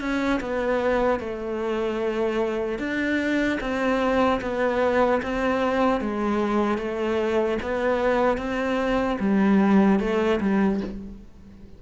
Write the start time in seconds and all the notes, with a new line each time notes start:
0.00 C#4
0.40 B3
1.19 A3
2.79 D4
3.60 C4
4.41 B3
5.23 C4
6.01 G#3
6.78 A3
7.62 B3
8.38 C4
9.20 G3
10.00 A3
10.40 G3